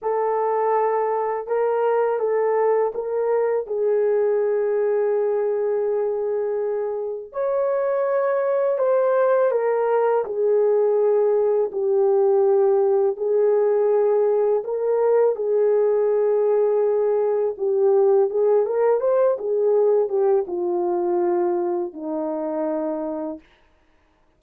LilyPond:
\new Staff \with { instrumentName = "horn" } { \time 4/4 \tempo 4 = 82 a'2 ais'4 a'4 | ais'4 gis'2.~ | gis'2 cis''2 | c''4 ais'4 gis'2 |
g'2 gis'2 | ais'4 gis'2. | g'4 gis'8 ais'8 c''8 gis'4 g'8 | f'2 dis'2 | }